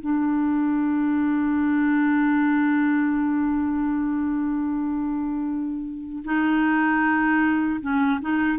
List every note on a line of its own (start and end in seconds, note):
0.00 6.23 D4
6.24 7.80 D#4
7.81 8.20 C#4
8.21 8.59 D#4